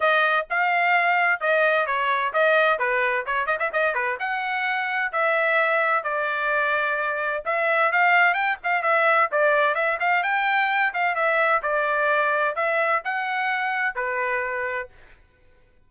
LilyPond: \new Staff \with { instrumentName = "trumpet" } { \time 4/4 \tempo 4 = 129 dis''4 f''2 dis''4 | cis''4 dis''4 b'4 cis''8 dis''16 e''16 | dis''8 b'8 fis''2 e''4~ | e''4 d''2. |
e''4 f''4 g''8 f''8 e''4 | d''4 e''8 f''8 g''4. f''8 | e''4 d''2 e''4 | fis''2 b'2 | }